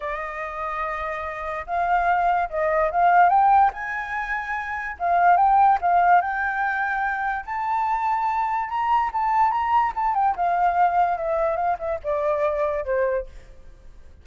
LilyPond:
\new Staff \with { instrumentName = "flute" } { \time 4/4 \tempo 4 = 145 dis''1 | f''2 dis''4 f''4 | g''4 gis''2. | f''4 g''4 f''4 g''4~ |
g''2 a''2~ | a''4 ais''4 a''4 ais''4 | a''8 g''8 f''2 e''4 | f''8 e''8 d''2 c''4 | }